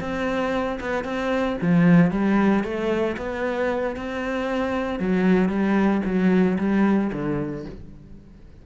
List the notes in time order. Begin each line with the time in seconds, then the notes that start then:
0.00 C4
0.80 B3
1.04 C4
1.61 F3
2.11 G3
2.63 A3
3.17 B3
3.96 C4
4.99 F#3
5.49 G3
6.05 F#3
6.58 G3
7.12 D3